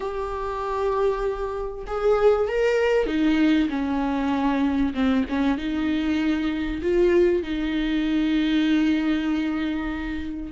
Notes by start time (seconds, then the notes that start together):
0.00 G4
1.86 G#4
2.48 A#4
3.06 D#4
3.69 C#4
4.93 C4
5.29 C#4
5.57 D#4
6.82 F4
7.43 D#4